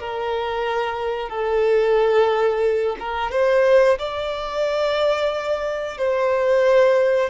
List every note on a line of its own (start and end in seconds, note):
0.00 1.30 A#4
1.30 2.96 A4
3.00 3.32 A#4
3.32 3.98 C5
3.98 5.98 D5
5.98 7.30 C5